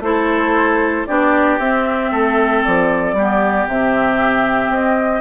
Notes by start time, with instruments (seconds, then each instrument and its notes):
0.00 bassoon A3, clarinet E4, oboe A4, flute C5
1.07 bassoon B3, clarinet D4, oboe G4, flute D5
1.59 bassoon C4, clarinet C4, flute E5
2.11 bassoon A3, oboe A4
2.64 bassoon F3, flute D5
3.13 bassoon G3, clarinet B3, oboe G4
3.67 bassoon C3, clarinet C4, flute E5
4.69 bassoon C4, flute D#5